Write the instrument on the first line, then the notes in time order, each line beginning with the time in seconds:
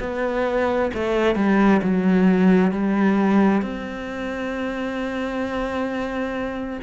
cello
0.00 B3
0.94 A3
1.36 G3
1.83 F#3
2.71 G3
3.62 C4